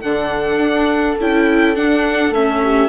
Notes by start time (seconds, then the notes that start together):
0.00 D3 D4 A4 F#5
0.57 D4
1.20 C#4 E4 G5
1.75 D4 F#5
2.31 A3 C#4 E5
2.62 G4